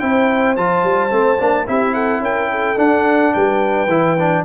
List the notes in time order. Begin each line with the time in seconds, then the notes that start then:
0.00 C4 E4 C5 G5
0.57 F3 F4 A5
0.84 G3
1.11 A3 C4
1.39 A#3 D4
1.68 C4 E4 G4 E5
1.94 A4 F#5
2.21 C#4 A#4 G5
2.51 A4
2.77 D4 F#5
3.34 G3 B4 G5
3.88 E3 E4
4.20 D4